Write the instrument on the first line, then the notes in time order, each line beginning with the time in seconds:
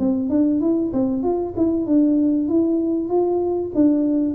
tuba
0.00 C4
0.30 D4
0.61 E4
0.93 C4
1.23 F4
1.57 E4
1.87 D4
2.49 E4
3.09 F4
3.75 D4